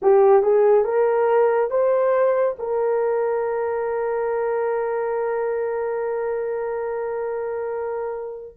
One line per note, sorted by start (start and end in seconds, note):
0.02 0.42 G4
0.42 0.84 G#4
0.84 1.70 A#4
1.70 2.56 C5
2.59 8.57 A#4